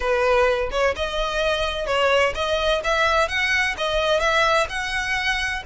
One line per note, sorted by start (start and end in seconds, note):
0.00 0.70 B4
0.71 0.94 C#5
0.95 1.86 D#5
1.86 2.33 C#5
2.34 2.81 D#5
2.84 3.28 E5
3.28 3.75 F#5
3.77 4.20 D#5
4.20 4.66 E5
4.69 5.62 F#5